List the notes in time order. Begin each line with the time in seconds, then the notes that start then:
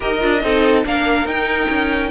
0.00 D#4 G4 A#4 D#5
0.19 D4 F4
0.42 C4 D#4 A4
0.84 A#3 D4 A#4 F5
1.25 D#4 G5
1.69 C#4